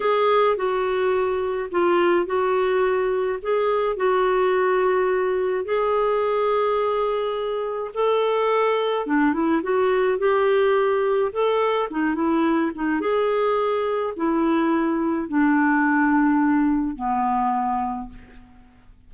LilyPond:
\new Staff \with { instrumentName = "clarinet" } { \time 4/4 \tempo 4 = 106 gis'4 fis'2 f'4 | fis'2 gis'4 fis'4~ | fis'2 gis'2~ | gis'2 a'2 |
d'8 e'8 fis'4 g'2 | a'4 dis'8 e'4 dis'8 gis'4~ | gis'4 e'2 d'4~ | d'2 b2 | }